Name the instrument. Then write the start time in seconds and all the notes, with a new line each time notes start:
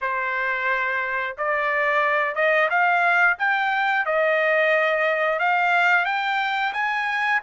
trumpet
0.01 C5
1.37 D5
2.35 D#5
2.70 F5
3.38 G5
4.05 D#5
5.39 F5
6.05 G5
6.73 G#5